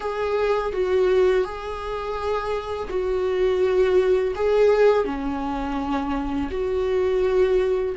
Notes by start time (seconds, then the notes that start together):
0.00 G#4
0.72 F#4
1.44 G#4
2.89 F#4
4.35 G#4
5.04 C#4
6.50 F#4